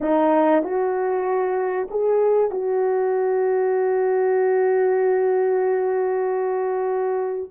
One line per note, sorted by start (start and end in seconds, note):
0.01 0.62 D#4
0.62 1.88 F#4
1.90 2.51 G#4
2.51 7.51 F#4